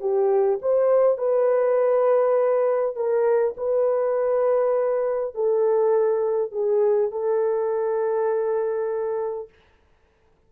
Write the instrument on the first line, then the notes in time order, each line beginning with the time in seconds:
horn
0.00 G4
0.62 C5
1.18 B4
2.96 A#4
3.57 B4
5.35 A4
6.52 G#4
7.11 A4